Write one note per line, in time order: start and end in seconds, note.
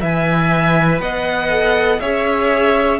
0.00 1.00 E3
0.00 1.49 B4
0.00 1.00 E5
0.00 1.00 G#5
1.00 2.00 B3
1.00 2.01 D#5
1.00 2.00 F#5
1.49 1.99 A4
2.00 2.99 C#4
2.00 2.99 G#4
2.00 2.99 C#5
2.00 2.99 E5